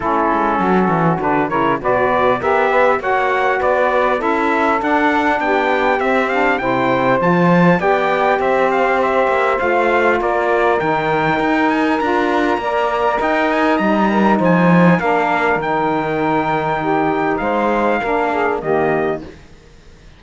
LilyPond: <<
  \new Staff \with { instrumentName = "trumpet" } { \time 4/4 \tempo 4 = 100 a'2 b'8 cis''8 d''4 | e''4 fis''4 d''4 e''4 | fis''4 g''4 e''8 f''8 g''4 | a''4 g''4 e''8 f''8 e''4 |
f''4 d''4 g''4. gis''8 | ais''2 g''8 gis''8 ais''4 | gis''4 f''4 g''2~ | g''4 f''2 dis''4 | }
  \new Staff \with { instrumentName = "saxophone" } { \time 4/4 e'4 fis'4. ais'8 b'4 | ais'8 b'8 cis''4 b'4 a'4~ | a'4 g'2 c''4~ | c''4 d''4 c''2~ |
c''4 ais'2.~ | ais'4 d''4 dis''4. ais'8 | c''4 ais'2. | g'4 c''4 ais'8 gis'8 g'4 | }
  \new Staff \with { instrumentName = "saxophone" } { \time 4/4 cis'2 d'8 e'8 fis'4 | g'4 fis'2 e'4 | d'2 c'8 d'8 e'4 | f'4 g'2. |
f'2 dis'2 | f'4 ais'2 dis'4~ | dis'4 d'4 dis'2~ | dis'2 d'4 ais4 | }
  \new Staff \with { instrumentName = "cello" } { \time 4/4 a8 gis8 fis8 e8 d8 cis8 b,4 | b4 ais4 b4 cis'4 | d'4 b4 c'4 c4 | f4 b4 c'4. ais8 |
a4 ais4 dis4 dis'4 | d'4 ais4 dis'4 g4 | f4 ais4 dis2~ | dis4 gis4 ais4 dis4 | }
>>